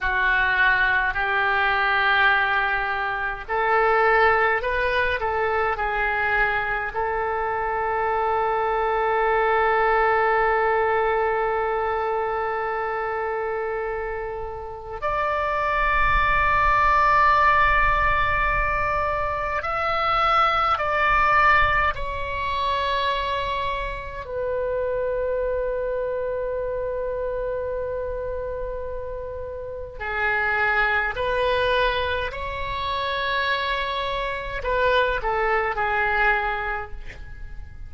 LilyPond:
\new Staff \with { instrumentName = "oboe" } { \time 4/4 \tempo 4 = 52 fis'4 g'2 a'4 | b'8 a'8 gis'4 a'2~ | a'1~ | a'4 d''2.~ |
d''4 e''4 d''4 cis''4~ | cis''4 b'2.~ | b'2 gis'4 b'4 | cis''2 b'8 a'8 gis'4 | }